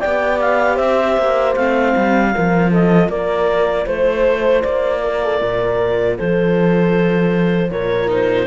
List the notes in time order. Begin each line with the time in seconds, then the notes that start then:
0.00 B3 G4 D5 G5
0.40 F5
0.75 C4 C5 E5
1.17 A#3
1.56 A3 C4 F5
1.96 G3
2.32 F3 F4 A#4
2.71 A4 D#5
3.09 A#3 A#4 D5
3.86 A3 C5
4.63 A#3 D5
5.04 A#4
5.23 A4
5.40 A#2 A#4
6.17 F3 A4 C5
7.71 A#2 A#4 C#5
8.08 D#4 C5